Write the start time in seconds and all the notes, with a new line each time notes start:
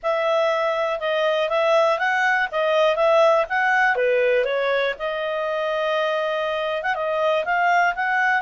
0.02 E5
0.99 D#5
1.49 E5
1.98 F#5
2.51 D#5
2.95 E5
3.49 F#5
3.95 B4
4.44 C#5
4.98 D#5
6.82 F#5
6.94 D#5
7.44 F5
7.95 F#5